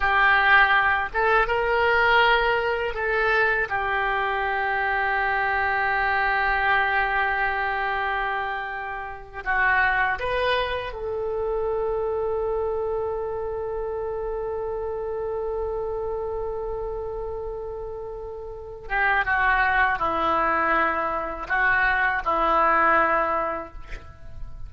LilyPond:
\new Staff \with { instrumentName = "oboe" } { \time 4/4 \tempo 4 = 81 g'4. a'8 ais'2 | a'4 g'2.~ | g'1~ | g'8. fis'4 b'4 a'4~ a'16~ |
a'1~ | a'1~ | a'4. g'8 fis'4 e'4~ | e'4 fis'4 e'2 | }